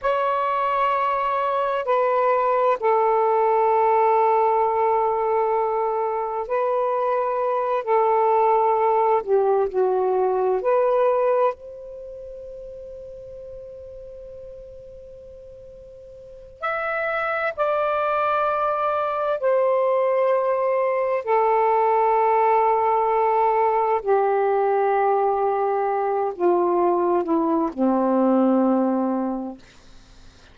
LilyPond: \new Staff \with { instrumentName = "saxophone" } { \time 4/4 \tempo 4 = 65 cis''2 b'4 a'4~ | a'2. b'4~ | b'8 a'4. g'8 fis'4 b'8~ | b'8 c''2.~ c''8~ |
c''2 e''4 d''4~ | d''4 c''2 a'4~ | a'2 g'2~ | g'8 f'4 e'8 c'2 | }